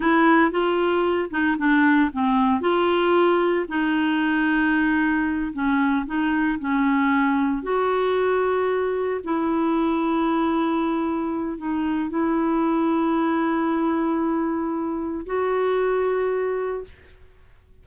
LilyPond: \new Staff \with { instrumentName = "clarinet" } { \time 4/4 \tempo 4 = 114 e'4 f'4. dis'8 d'4 | c'4 f'2 dis'4~ | dis'2~ dis'8 cis'4 dis'8~ | dis'8 cis'2 fis'4.~ |
fis'4. e'2~ e'8~ | e'2 dis'4 e'4~ | e'1~ | e'4 fis'2. | }